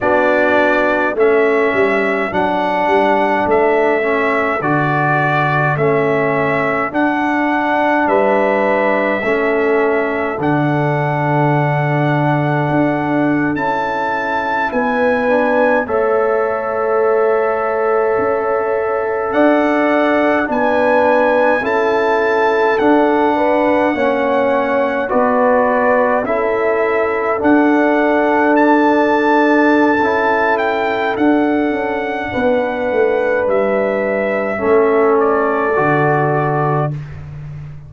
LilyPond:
<<
  \new Staff \with { instrumentName = "trumpet" } { \time 4/4 \tempo 4 = 52 d''4 e''4 fis''4 e''4 | d''4 e''4 fis''4 e''4~ | e''4 fis''2~ fis''8. a''16~ | a''8. gis''4 e''2~ e''16~ |
e''8. fis''4 gis''4 a''4 fis''16~ | fis''4.~ fis''16 d''4 e''4 fis''16~ | fis''8. a''4.~ a''16 g''8 fis''4~ | fis''4 e''4. d''4. | }
  \new Staff \with { instrumentName = "horn" } { \time 4/4 fis'4 a'2.~ | a'2. b'4 | a'1~ | a'8. b'4 cis''2~ cis''16~ |
cis''8. d''4 b'4 a'4~ a'16~ | a'16 b'8 cis''4 b'4 a'4~ a'16~ | a'1 | b'2 a'2 | }
  \new Staff \with { instrumentName = "trombone" } { \time 4/4 d'4 cis'4 d'4. cis'8 | fis'4 cis'4 d'2 | cis'4 d'2~ d'8. e'16~ | e'4~ e'16 d'8 a'2~ a'16~ |
a'4.~ a'16 d'4 e'4 d'16~ | d'8. cis'4 fis'4 e'4 d'16~ | d'2 e'4 d'4~ | d'2 cis'4 fis'4 | }
  \new Staff \with { instrumentName = "tuba" } { \time 4/4 b4 a8 g8 fis8 g8 a4 | d4 a4 d'4 g4 | a4 d2 d'8. cis'16~ | cis'8. b4 a2 cis'16~ |
cis'8. d'4 b4 cis'4 d'16~ | d'8. ais4 b4 cis'4 d'16~ | d'2 cis'4 d'8 cis'8 | b8 a8 g4 a4 d4 | }
>>